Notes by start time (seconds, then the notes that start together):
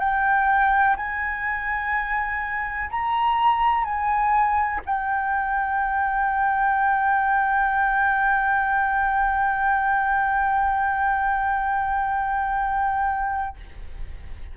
0.00 G5
0.97 G#5
2.91 A#5
3.85 G#5
4.86 G5